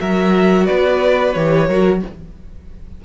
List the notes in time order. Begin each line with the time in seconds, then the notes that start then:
0.00 F#3 F#4 A#4 E5
0.66 B3 B4 D5
1.34 E3 G4 C#5
1.67 F#3 F#4 A#4